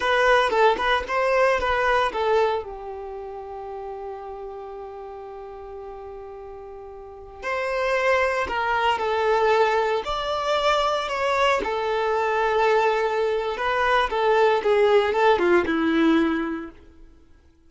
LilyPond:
\new Staff \with { instrumentName = "violin" } { \time 4/4 \tempo 4 = 115 b'4 a'8 b'8 c''4 b'4 | a'4 g'2.~ | g'1~ | g'2~ g'16 c''4.~ c''16~ |
c''16 ais'4 a'2 d''8.~ | d''4~ d''16 cis''4 a'4.~ a'16~ | a'2 b'4 a'4 | gis'4 a'8 f'8 e'2 | }